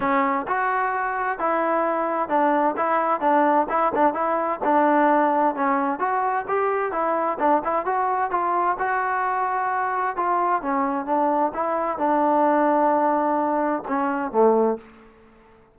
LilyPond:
\new Staff \with { instrumentName = "trombone" } { \time 4/4 \tempo 4 = 130 cis'4 fis'2 e'4~ | e'4 d'4 e'4 d'4 | e'8 d'8 e'4 d'2 | cis'4 fis'4 g'4 e'4 |
d'8 e'8 fis'4 f'4 fis'4~ | fis'2 f'4 cis'4 | d'4 e'4 d'2~ | d'2 cis'4 a4 | }